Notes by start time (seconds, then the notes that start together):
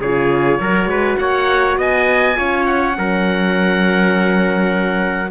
0.00 C#3 F4 G#4 C#5
0.60 F#3 F#4 A#4
0.85 G#3 B4
1.17 A#3 C#5 F#5
1.77 B3 D#5 G#5
2.36 C#4 F4 C#5
2.65 F#5
2.93 F#3 C#4 A#4